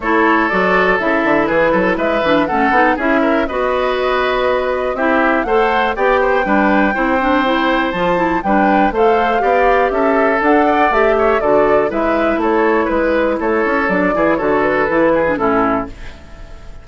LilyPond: <<
  \new Staff \with { instrumentName = "flute" } { \time 4/4 \tempo 4 = 121 cis''4 d''4 e''4 b'4 | e''4 fis''4 e''4 dis''4~ | dis''2 e''4 fis''4 | g''1 |
a''4 g''4 f''2 | e''4 fis''4 e''4 d''4 | e''4 cis''4 b'4 cis''4 | d''4 cis''8 b'4. a'4 | }
  \new Staff \with { instrumentName = "oboe" } { \time 4/4 a'2. gis'8 a'8 | b'4 a'4 gis'8 ais'8 b'4~ | b'2 g'4 c''4 | d''8 c''8 b'4 c''2~ |
c''4 b'4 c''4 d''4 | a'4. d''4 cis''8 a'4 | b'4 a'4 b'4 a'4~ | a'8 gis'8 a'4. gis'8 e'4 | }
  \new Staff \with { instrumentName = "clarinet" } { \time 4/4 e'4 fis'4 e'2~ | e'8 d'8 cis'8 dis'8 e'4 fis'4~ | fis'2 e'4 a'4 | g'4 d'4 e'8 d'8 e'4 |
f'8 e'8 d'4 a'4 g'4~ | g'4 a'4 g'4 fis'4 | e'1 | d'8 e'8 fis'4 e'8. d'16 cis'4 | }
  \new Staff \with { instrumentName = "bassoon" } { \time 4/4 a4 fis4 cis8 d8 e8 fis8 | gis8 e8 a8 b8 cis'4 b4~ | b2 c'4 a4 | b4 g4 c'2 |
f4 g4 a4 b4 | cis'4 d'4 a4 d4 | gis4 a4 gis4 a8 cis'8 | fis8 e8 d4 e4 a,4 | }
>>